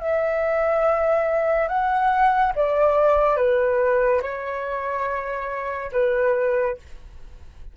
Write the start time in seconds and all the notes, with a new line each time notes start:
0.00 E5
1.68 F#5
2.55 D5
3.36 B4
4.22 C#5
5.92 B4